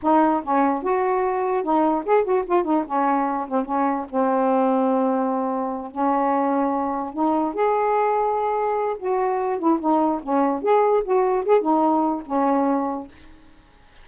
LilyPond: \new Staff \with { instrumentName = "saxophone" } { \time 4/4 \tempo 4 = 147 dis'4 cis'4 fis'2 | dis'4 gis'8 fis'8 f'8 dis'8 cis'4~ | cis'8 c'8 cis'4 c'2~ | c'2~ c'8 cis'4.~ |
cis'4. dis'4 gis'4.~ | gis'2 fis'4. e'8 | dis'4 cis'4 gis'4 fis'4 | gis'8 dis'4. cis'2 | }